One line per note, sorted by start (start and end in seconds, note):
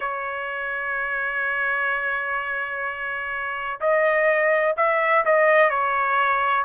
0.00 3.80 C#5
3.80 4.75 D#5
4.77 5.24 E5
5.25 5.69 D#5
5.69 6.65 C#5